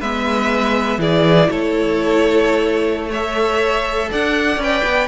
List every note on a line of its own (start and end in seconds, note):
0.00 0.98 G#3
0.00 0.99 B3
0.00 0.99 B4
0.00 1.00 E5
0.98 1.48 E3
0.98 3.10 E4
0.98 1.50 G#4
0.98 1.50 D5
1.50 4.11 A3
1.50 3.10 A4
1.50 3.12 C#5
3.10 4.60 A4
3.10 4.09 C#5
3.10 4.11 E5
4.11 4.57 D4
4.11 5.07 D5
4.11 4.62 F#5
4.57 4.82 C#4
4.57 5.07 B4
4.63 5.07 G5
4.84 5.07 B3